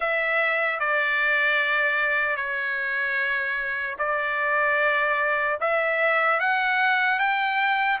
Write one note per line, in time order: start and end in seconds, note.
0.00 0.79 E5
0.79 2.36 D5
2.36 3.96 C#5
3.98 5.58 D5
5.60 6.40 E5
6.40 7.19 F#5
7.19 7.99 G5